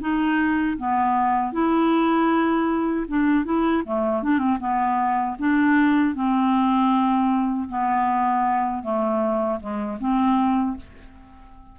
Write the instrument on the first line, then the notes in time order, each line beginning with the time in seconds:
clarinet
0.00 D#4
0.77 B3
1.52 E4
3.08 D4
3.44 E4
3.84 A3
4.22 D4
4.38 C4
4.59 B3
5.38 D4
6.14 C4
7.68 B3
8.83 A3
9.59 G#3
10.00 C4